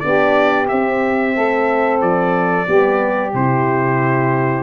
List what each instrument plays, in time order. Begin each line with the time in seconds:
0.00 tuba B3, horn D4, saxophone G4, trumpet D5
0.68 tuba C4, horn C4, trumpet E5
1.34 tuba A3, saxophone A4
2.01 tuba F3, trumpet D5
2.66 tuba G3, horn B3, saxophone G4
3.34 tuba C3, horn E4, trumpet C5